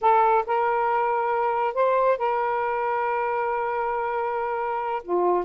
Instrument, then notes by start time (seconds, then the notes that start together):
saxophone
0.01 A4
0.46 A#4
1.74 C5
2.17 A#4
5.03 F4